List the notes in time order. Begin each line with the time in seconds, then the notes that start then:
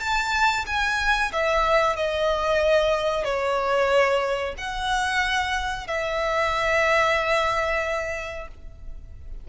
0.00 A5
0.66 G#5
1.32 E5
1.96 D#5
3.24 C#5
4.57 F#5
5.87 E5